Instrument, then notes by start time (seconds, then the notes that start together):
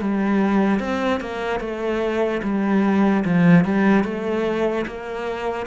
cello
0.00 G3
0.80 C4
1.20 A#3
1.60 A3
2.43 G3
3.24 F3
3.64 G3
4.04 A3
4.86 A#3